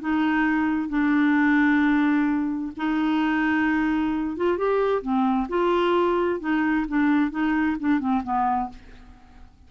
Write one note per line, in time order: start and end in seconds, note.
0.00 0.88 D#4
0.88 2.72 D4
2.76 4.36 D#4
4.36 4.57 F4
4.57 5.02 G4
5.02 5.47 C4
5.48 6.40 F4
6.40 6.86 D#4
6.88 7.31 D4
7.31 7.76 D#4
7.79 7.99 D4
7.99 8.22 C4
8.23 8.69 B3